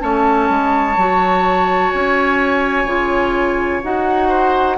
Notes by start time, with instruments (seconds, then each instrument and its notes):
0.00 bassoon A3, clarinet C#4, oboe C#5, flute A5
0.50 bassoon G#3
0.97 bassoon F#3, clarinet F#4
1.91 bassoon C#4, flute G#5
2.86 bassoon C#3, clarinet F4
3.84 bassoon D#4, clarinet F#4, flute F#5
4.29 oboe C5